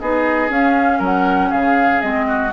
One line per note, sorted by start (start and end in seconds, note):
0.00 0.50 B3
0.00 0.50 D#4
0.00 0.99 G#4
0.00 0.50 D#5
0.50 1.00 C#4
0.50 2.00 C#4
0.50 1.02 F5
0.99 1.51 F#3
0.99 1.49 A#4
1.05 1.52 F#5
1.50 2.03 C#3
1.50 2.26 G#4
1.50 2.01 F5
2.00 2.53 G#3
2.00 2.51 C4
2.00 2.52 D#5
2.28 2.53 F#4